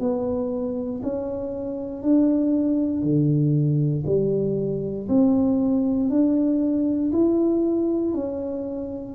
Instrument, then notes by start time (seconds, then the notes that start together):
tuba
0.00 B3
1.03 C#4
2.02 D4
3.03 D3
4.06 G3
5.09 C4
6.10 D4
7.13 E4
8.14 C#4